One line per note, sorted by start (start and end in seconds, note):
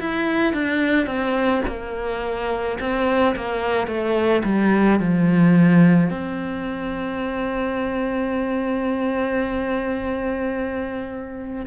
0.00 0.54 E4
0.54 1.07 D4
1.07 1.62 C4
1.67 2.78 A#3
2.80 3.36 C4
3.36 3.87 A#3
3.87 4.43 A3
4.44 5.00 G3
5.00 6.11 F3
6.11 11.66 C4